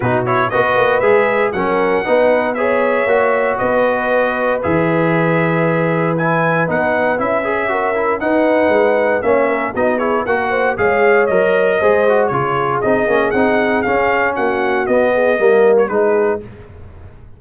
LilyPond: <<
  \new Staff \with { instrumentName = "trumpet" } { \time 4/4 \tempo 4 = 117 b'8 cis''8 dis''4 e''4 fis''4~ | fis''4 e''2 dis''4~ | dis''4 e''2. | gis''4 fis''4 e''2 |
fis''2 e''4 dis''8 cis''8 | fis''4 f''4 dis''2 | cis''4 dis''4 fis''4 f''4 | fis''4 dis''4.~ dis''16 cis''16 b'4 | }
  \new Staff \with { instrumentName = "horn" } { \time 4/4 fis'4 b'2 ais'4 | b'4 cis''2 b'4~ | b'1~ | b'2. ais'4 |
b'2 cis''8 ais'8 fis'8 gis'8 | ais'8 c''8 cis''2 c''4 | gis'1 | fis'4. gis'8 ais'4 gis'4 | }
  \new Staff \with { instrumentName = "trombone" } { \time 4/4 dis'8 e'8 fis'4 gis'4 cis'4 | dis'4 gis'4 fis'2~ | fis'4 gis'2. | e'4 dis'4 e'8 gis'8 fis'8 e'8 |
dis'2 cis'4 dis'8 e'8 | fis'4 gis'4 ais'4 gis'8 fis'8 | f'4 dis'8 cis'8 dis'4 cis'4~ | cis'4 b4 ais4 dis'4 | }
  \new Staff \with { instrumentName = "tuba" } { \time 4/4 b,4 b8 ais8 gis4 fis4 | b2 ais4 b4~ | b4 e2.~ | e4 b4 cis'2 |
dis'4 gis4 ais4 b4 | ais4 gis4 fis4 gis4 | cis4 c'8 ais8 c'4 cis'4 | ais4 b4 g4 gis4 | }
>>